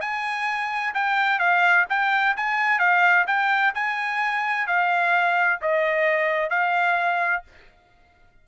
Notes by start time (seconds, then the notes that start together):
0.00 G#5
0.94 G5
1.39 F5
1.89 G5
2.36 G#5
2.79 F5
3.27 G5
3.74 G#5
4.67 F5
5.61 D#5
6.50 F5